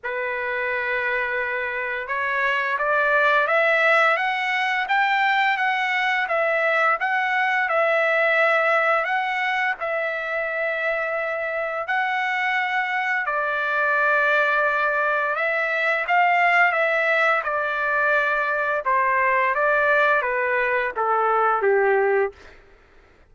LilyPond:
\new Staff \with { instrumentName = "trumpet" } { \time 4/4 \tempo 4 = 86 b'2. cis''4 | d''4 e''4 fis''4 g''4 | fis''4 e''4 fis''4 e''4~ | e''4 fis''4 e''2~ |
e''4 fis''2 d''4~ | d''2 e''4 f''4 | e''4 d''2 c''4 | d''4 b'4 a'4 g'4 | }